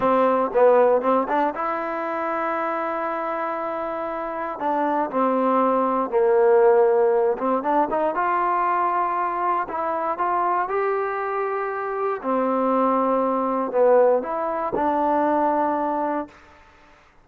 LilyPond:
\new Staff \with { instrumentName = "trombone" } { \time 4/4 \tempo 4 = 118 c'4 b4 c'8 d'8 e'4~ | e'1~ | e'4 d'4 c'2 | ais2~ ais8 c'8 d'8 dis'8 |
f'2. e'4 | f'4 g'2. | c'2. b4 | e'4 d'2. | }